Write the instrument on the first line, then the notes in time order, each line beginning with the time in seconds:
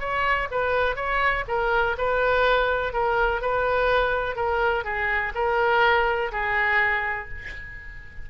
oboe
0.00 C#5
0.52 B4
0.96 C#5
1.48 A#4
1.98 B4
2.93 A#4
3.42 B4
4.36 A#4
4.85 G#4
5.35 A#4
6.32 G#4